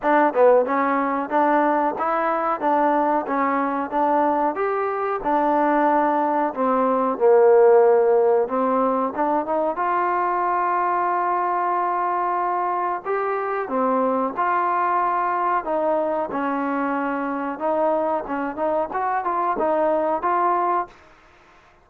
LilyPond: \new Staff \with { instrumentName = "trombone" } { \time 4/4 \tempo 4 = 92 d'8 b8 cis'4 d'4 e'4 | d'4 cis'4 d'4 g'4 | d'2 c'4 ais4~ | ais4 c'4 d'8 dis'8 f'4~ |
f'1 | g'4 c'4 f'2 | dis'4 cis'2 dis'4 | cis'8 dis'8 fis'8 f'8 dis'4 f'4 | }